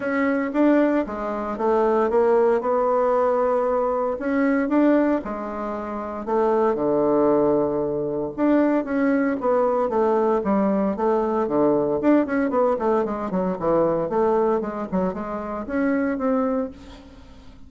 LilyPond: \new Staff \with { instrumentName = "bassoon" } { \time 4/4 \tempo 4 = 115 cis'4 d'4 gis4 a4 | ais4 b2. | cis'4 d'4 gis2 | a4 d2. |
d'4 cis'4 b4 a4 | g4 a4 d4 d'8 cis'8 | b8 a8 gis8 fis8 e4 a4 | gis8 fis8 gis4 cis'4 c'4 | }